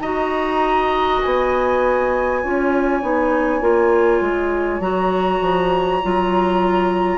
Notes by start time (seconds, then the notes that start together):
0.00 D#4 F#4 D#5 A#5
1.22 B3 G#5
2.42 C#4 F4 C#5
3.02 B3 D#4
3.61 A#3 F4
4.21 G#3
4.80 F#3 F#4 A#5
5.41 F3
6.03 F#3 F4